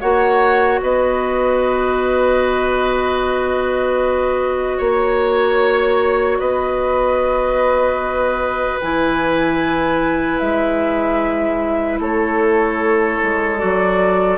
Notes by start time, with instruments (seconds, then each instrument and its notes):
0.00 bassoon A#3, clarinet F#4, oboe C#5, flute F#5
0.81 bassoon B3, oboe B4, flute D#5
4.78 bassoon A#3, oboe C#5, flute C#5
6.39 bassoon B3, oboe B4, flute D#5
8.81 bassoon E3, clarinet E4, flute G#5
10.39 bassoon G#3, flute E5
11.99 bassoon A3, oboe A4, flute C#5
13.23 bassoon G#3
13.58 bassoon F#3, clarinet F#4, flute D5